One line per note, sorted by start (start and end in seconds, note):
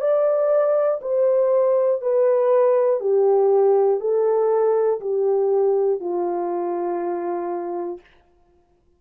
0.00 1.00 D5
1.01 2.01 C5
2.01 3.00 B4
3.00 4.00 G4
4.00 5.00 A4
5.01 6.00 G4
6.00 8.00 F4